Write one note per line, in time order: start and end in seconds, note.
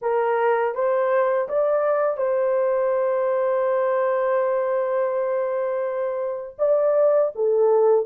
0.01 0.74 A#4
0.75 1.48 C5
1.48 2.17 D5
2.17 6.56 C5
6.58 7.31 D5
7.35 8.05 A4